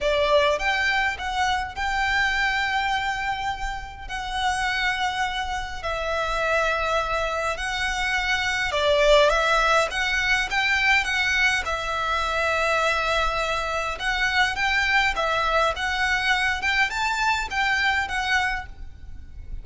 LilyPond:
\new Staff \with { instrumentName = "violin" } { \time 4/4 \tempo 4 = 103 d''4 g''4 fis''4 g''4~ | g''2. fis''4~ | fis''2 e''2~ | e''4 fis''2 d''4 |
e''4 fis''4 g''4 fis''4 | e''1 | fis''4 g''4 e''4 fis''4~ | fis''8 g''8 a''4 g''4 fis''4 | }